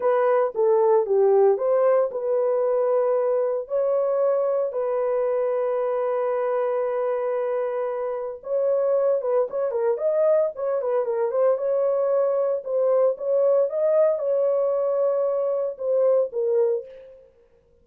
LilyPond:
\new Staff \with { instrumentName = "horn" } { \time 4/4 \tempo 4 = 114 b'4 a'4 g'4 c''4 | b'2. cis''4~ | cis''4 b'2.~ | b'1 |
cis''4. b'8 cis''8 ais'8 dis''4 | cis''8 b'8 ais'8 c''8 cis''2 | c''4 cis''4 dis''4 cis''4~ | cis''2 c''4 ais'4 | }